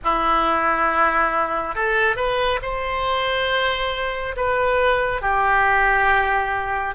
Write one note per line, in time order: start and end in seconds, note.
0.04 1.75 E4
1.75 2.15 A4
2.15 2.59 B4
2.61 4.35 C5
4.36 5.21 B4
5.21 6.94 G4